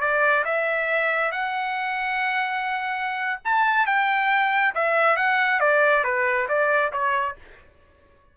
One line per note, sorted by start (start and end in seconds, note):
0.00 0.44 D5
0.44 1.31 E5
1.31 3.39 F#5
3.44 3.86 A5
3.86 4.74 G5
4.74 5.16 E5
5.16 5.60 F#5
5.60 6.04 D5
6.04 6.47 B4
6.48 6.92 D5
6.92 7.36 C#5